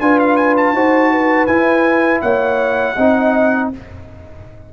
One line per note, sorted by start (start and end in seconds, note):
0.00 0.73 D4
0.00 0.75 F4
0.00 0.75 B4
0.00 0.19 G#5
0.19 0.36 F5
0.36 0.55 G#5
0.57 1.46 A5
0.73 1.47 D#4
0.73 1.48 F#4
0.73 1.11 C5
1.11 2.22 B4
1.46 2.22 E4
1.46 2.96 E4
1.46 2.20 G#5
2.21 2.97 A#3
2.21 2.96 C#5
2.21 3.69 F#5
2.96 3.71 C4
2.96 3.73 D#4
2.96 3.70 D#5